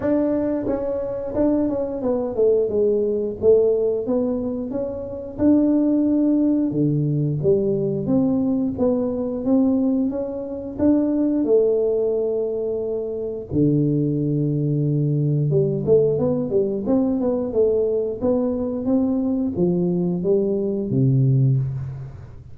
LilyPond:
\new Staff \with { instrumentName = "tuba" } { \time 4/4 \tempo 4 = 89 d'4 cis'4 d'8 cis'8 b8 a8 | gis4 a4 b4 cis'4 | d'2 d4 g4 | c'4 b4 c'4 cis'4 |
d'4 a2. | d2. g8 a8 | b8 g8 c'8 b8 a4 b4 | c'4 f4 g4 c4 | }